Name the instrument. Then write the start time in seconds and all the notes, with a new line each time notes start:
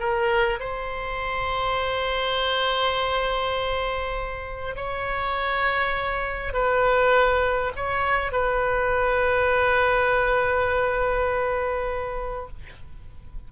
oboe
0.00 A#4
0.60 C5
4.76 C#5
6.54 B4
7.76 C#5
8.32 B4